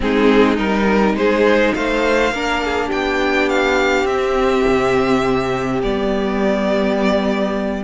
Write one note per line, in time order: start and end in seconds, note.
0.00 0.58 G#3
0.00 0.56 C4
0.00 1.15 D#4
0.00 0.57 G#4
0.57 1.14 G3
0.57 2.33 D#4
0.57 1.15 A#4
1.14 1.72 G#3
1.14 1.74 G#4
1.14 1.74 C5
1.74 2.31 A3
1.74 2.33 C5
1.74 2.90 F5
2.31 2.90 A#3
2.31 4.06 D4
2.31 2.63 A#4
2.64 2.87 G#4
2.87 4.04 B3
2.87 7.82 G4
2.87 3.49 G5
3.49 4.06 F5
4.04 4.62 C4
4.04 5.81 C4
4.04 5.81 E5
4.67 5.83 C3
5.82 7.83 G3
5.82 7.83 B3
5.82 7.83 D5